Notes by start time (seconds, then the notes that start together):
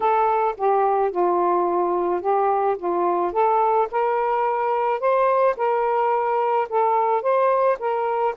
0.00 A4
0.57 G4
1.11 F4
2.21 G4
2.78 F4
3.32 A4
3.91 A#4
4.99 C5
5.57 A#4
6.69 A4
7.22 C5
7.79 A#4